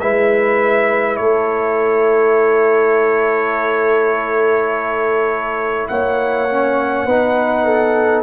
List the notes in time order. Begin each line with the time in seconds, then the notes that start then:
0.00 G#3 E4 B4 E5
1.17 A3 A4 C#5
5.88 A#3 C#5 F#5
6.50 C#4
7.06 B3 D#4 B4
7.65 A4